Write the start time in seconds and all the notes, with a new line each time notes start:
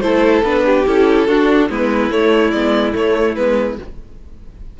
0.00 A3 E4 A4 C5
0.42 B3 D4 B4
0.65 G4
0.86 C#4 E4 A4
1.26 D4 F#4
1.69 G#3 B3 E4 B4
2.10 A3 C#5
2.51 G#3 B3 D5
2.92 A3 C#5
3.35 G#3 B3 B4